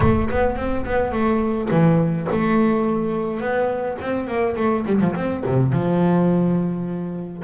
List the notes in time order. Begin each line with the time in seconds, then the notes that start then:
0.00 A3
0.30 B3
0.56 C4
0.85 B3
1.11 A3
1.70 E3
2.31 A3
3.40 B3
4.01 C4
4.27 A#3
4.56 A3
4.86 G3
5.00 F3
5.15 C4
5.46 C3
5.72 F3